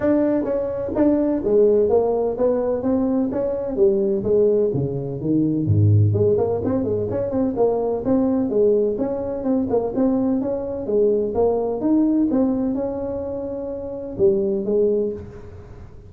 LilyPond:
\new Staff \with { instrumentName = "tuba" } { \time 4/4 \tempo 4 = 127 d'4 cis'4 d'4 gis4 | ais4 b4 c'4 cis'4 | g4 gis4 cis4 dis4 | gis,4 gis8 ais8 c'8 gis8 cis'8 c'8 |
ais4 c'4 gis4 cis'4 | c'8 ais8 c'4 cis'4 gis4 | ais4 dis'4 c'4 cis'4~ | cis'2 g4 gis4 | }